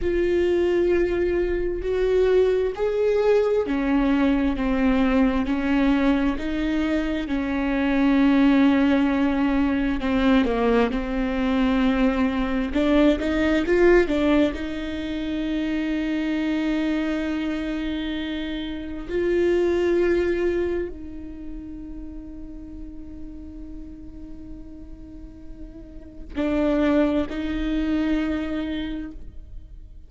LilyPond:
\new Staff \with { instrumentName = "viola" } { \time 4/4 \tempo 4 = 66 f'2 fis'4 gis'4 | cis'4 c'4 cis'4 dis'4 | cis'2. c'8 ais8 | c'2 d'8 dis'8 f'8 d'8 |
dis'1~ | dis'4 f'2 dis'4~ | dis'1~ | dis'4 d'4 dis'2 | }